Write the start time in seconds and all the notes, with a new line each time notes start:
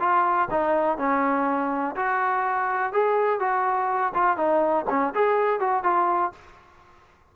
0.00 F4
0.51 D#4
0.98 C#4
1.96 F#4
2.93 G#4
3.40 F#4
4.14 F4
4.37 D#4
4.89 C#4
5.15 G#4
5.60 F#4
5.83 F4